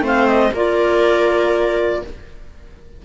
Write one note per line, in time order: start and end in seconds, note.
0.00 0.50 A3
0.00 0.52 C4
0.00 0.53 C5
0.07 0.27 F5
0.27 0.52 D#5
0.53 2.02 A#3
0.53 2.04 F4
0.53 2.03 A#4
0.53 2.04 D5